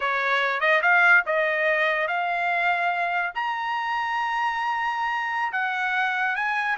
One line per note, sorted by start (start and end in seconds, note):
0.00 0.60 C#5
0.60 0.81 D#5
0.81 1.23 F5
1.25 2.07 D#5
2.07 3.32 F5
3.34 5.52 A#5
5.52 6.35 F#5
6.35 6.77 G#5